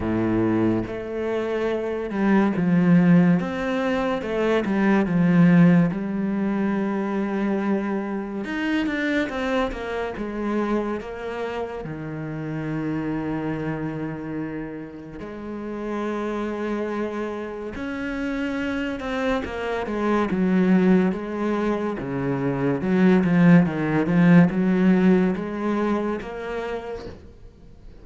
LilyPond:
\new Staff \with { instrumentName = "cello" } { \time 4/4 \tempo 4 = 71 a,4 a4. g8 f4 | c'4 a8 g8 f4 g4~ | g2 dis'8 d'8 c'8 ais8 | gis4 ais4 dis2~ |
dis2 gis2~ | gis4 cis'4. c'8 ais8 gis8 | fis4 gis4 cis4 fis8 f8 | dis8 f8 fis4 gis4 ais4 | }